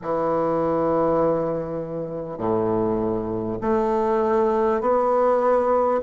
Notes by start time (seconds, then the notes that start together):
0.02 E3
2.37 A2
3.61 A3
4.80 B3